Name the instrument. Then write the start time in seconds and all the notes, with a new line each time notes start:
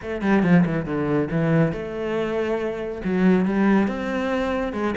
cello
0.01 A3
0.21 G3
0.42 F3
0.65 E3
0.85 D3
1.30 E3
1.72 A3
3.04 F#3
3.45 G3
3.87 C4
4.72 G#3